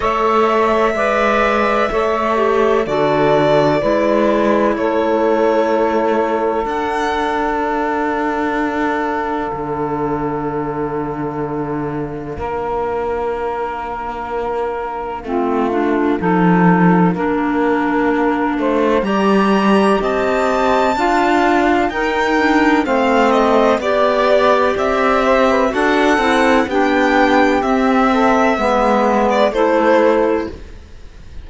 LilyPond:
<<
  \new Staff \with { instrumentName = "violin" } { \time 4/4 \tempo 4 = 63 e''2. d''4~ | d''4 cis''2 fis''4 | f''1~ | f''1~ |
f''1 | ais''4 a''2 g''4 | f''8 dis''8 d''4 e''4 fis''4 | g''4 e''4.~ e''16 d''16 c''4 | }
  \new Staff \with { instrumentName = "saxophone" } { \time 4/4 cis''4 d''4 cis''4 a'4 | b'4 a'2.~ | a'1~ | a'4 ais'2. |
f'4 a'4 ais'4. c''8 | d''4 dis''4 f''4 ais'4 | c''4 d''4. c''16 b'16 a'4 | g'4. a'8 b'4 a'4 | }
  \new Staff \with { instrumentName = "clarinet" } { \time 4/4 a'4 b'4 a'8 g'8 fis'4 | e'2. d'4~ | d'1~ | d'1 |
c'8 d'8 dis'4 d'2 | g'2 f'4 dis'8 d'8 | c'4 g'2 fis'8 e'8 | d'4 c'4 b4 e'4 | }
  \new Staff \with { instrumentName = "cello" } { \time 4/4 a4 gis4 a4 d4 | gis4 a2 d'4~ | d'2 d2~ | d4 ais2. |
a4 f4 ais4. a8 | g4 c'4 d'4 dis'4 | a4 b4 c'4 d'8 c'8 | b4 c'4 gis4 a4 | }
>>